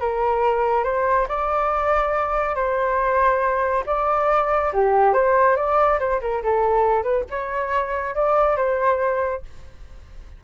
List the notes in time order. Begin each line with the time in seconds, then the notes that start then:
0.00 A#4
0.84 C5
1.28 D5
2.55 C5
3.86 D5
4.73 G4
5.14 C5
5.56 D5
5.99 C5
6.21 A#4
6.43 A4
7.03 B4
7.30 C#5
8.15 D5
8.57 C5